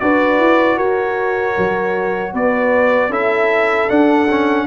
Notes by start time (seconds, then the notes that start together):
0.00 D4 F#4 B4 D5
0.39 E4
0.77 F#4 A#4 C#5
1.58 F#3
2.33 B3 B4 D5
3.09 C#4 E4 A4 E5
3.88 D4 F#5
4.29 C#4